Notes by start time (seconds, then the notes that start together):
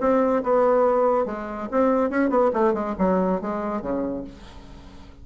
0.00 C4
0.43 B3
1.25 G#3
1.71 C4
2.10 C#4
2.29 B3
2.53 A3
2.73 G#3
2.98 F#3
3.41 G#3
3.81 C#3